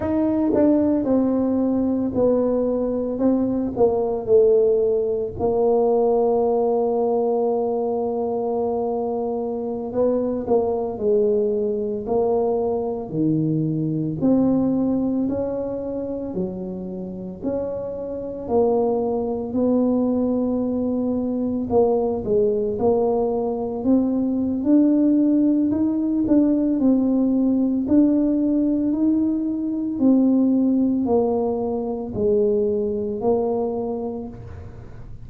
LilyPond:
\new Staff \with { instrumentName = "tuba" } { \time 4/4 \tempo 4 = 56 dis'8 d'8 c'4 b4 c'8 ais8 | a4 ais2.~ | ais4~ ais16 b8 ais8 gis4 ais8.~ | ais16 dis4 c'4 cis'4 fis8.~ |
fis16 cis'4 ais4 b4.~ b16~ | b16 ais8 gis8 ais4 c'8. d'4 | dis'8 d'8 c'4 d'4 dis'4 | c'4 ais4 gis4 ais4 | }